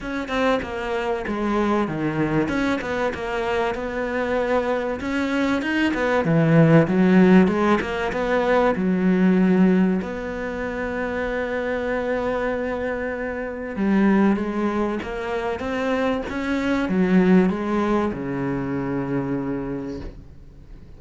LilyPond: \new Staff \with { instrumentName = "cello" } { \time 4/4 \tempo 4 = 96 cis'8 c'8 ais4 gis4 dis4 | cis'8 b8 ais4 b2 | cis'4 dis'8 b8 e4 fis4 | gis8 ais8 b4 fis2 |
b1~ | b2 g4 gis4 | ais4 c'4 cis'4 fis4 | gis4 cis2. | }